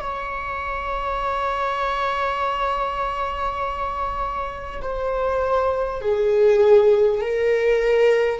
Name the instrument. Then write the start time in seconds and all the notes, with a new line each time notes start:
viola
0.00 C#5
4.82 C5
6.01 G#4
7.21 A#4